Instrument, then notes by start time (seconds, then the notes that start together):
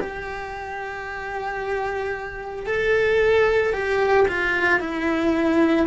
cello
0.00 G4
2.66 A4
3.73 G4
4.28 F4
4.80 E4